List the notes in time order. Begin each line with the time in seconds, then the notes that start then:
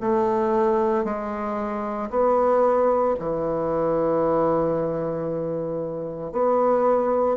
0.00 A3
1.04 G#3
2.10 B3
3.19 E3
6.32 B3